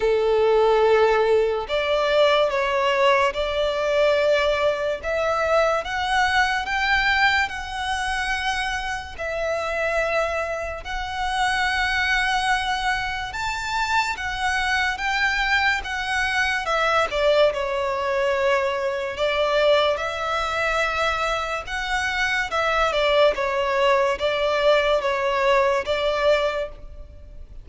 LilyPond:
\new Staff \with { instrumentName = "violin" } { \time 4/4 \tempo 4 = 72 a'2 d''4 cis''4 | d''2 e''4 fis''4 | g''4 fis''2 e''4~ | e''4 fis''2. |
a''4 fis''4 g''4 fis''4 | e''8 d''8 cis''2 d''4 | e''2 fis''4 e''8 d''8 | cis''4 d''4 cis''4 d''4 | }